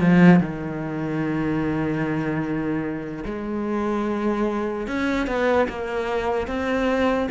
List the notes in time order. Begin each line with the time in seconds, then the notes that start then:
0.00 F3
0.40 D#3
3.25 G#3
4.87 C#4
5.26 B3
5.68 A#3
6.47 C4